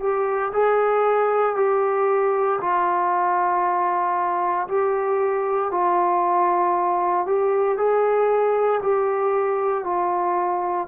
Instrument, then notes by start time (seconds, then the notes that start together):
trombone
0.00 G4
0.53 G#4
1.56 G4
2.61 F4
4.68 G4
5.71 F4
7.26 G4
7.77 G#4
8.82 G4
9.84 F4